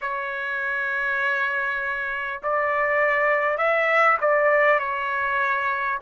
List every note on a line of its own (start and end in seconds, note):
0.01 2.41 C#5
2.43 3.57 D5
3.57 4.17 E5
4.21 4.79 D5
4.79 5.99 C#5